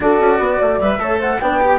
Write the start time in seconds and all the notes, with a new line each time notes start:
0.00 D4 F#4 A4 D5
0.19 C#4
0.39 B3 B4
0.58 A3 D5
0.80 G3 B4 E5
0.98 A3 A4 C#5
1.19 C5 F#5
1.39 B3 D4 B4 G5
1.60 G4